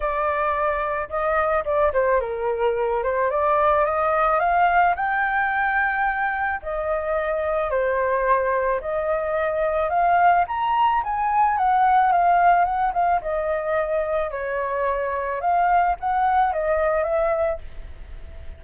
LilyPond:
\new Staff \with { instrumentName = "flute" } { \time 4/4 \tempo 4 = 109 d''2 dis''4 d''8 c''8 | ais'4. c''8 d''4 dis''4 | f''4 g''2. | dis''2 c''2 |
dis''2 f''4 ais''4 | gis''4 fis''4 f''4 fis''8 f''8 | dis''2 cis''2 | f''4 fis''4 dis''4 e''4 | }